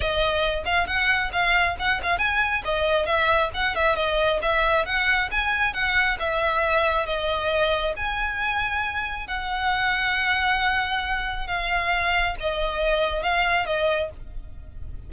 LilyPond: \new Staff \with { instrumentName = "violin" } { \time 4/4 \tempo 4 = 136 dis''4. f''8 fis''4 f''4 | fis''8 f''8 gis''4 dis''4 e''4 | fis''8 e''8 dis''4 e''4 fis''4 | gis''4 fis''4 e''2 |
dis''2 gis''2~ | gis''4 fis''2.~ | fis''2 f''2 | dis''2 f''4 dis''4 | }